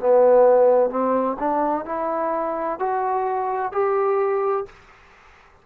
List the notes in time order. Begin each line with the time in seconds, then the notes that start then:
0.00 B3
0.90 C4
1.39 D4
1.85 E4
2.80 F#4
3.72 G4